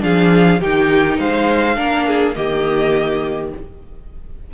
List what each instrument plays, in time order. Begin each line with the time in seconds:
0.00 cello F3, viola D4, violin G#4 F5
0.60 cello D#3, viola D#4, violin G4 G5
1.18 cello G#3, violin C5 F5
1.76 cello A#3, viola D4, violin A#4
2.06 violin G#4
2.35 cello D#3, viola A#3, violin G4 D#5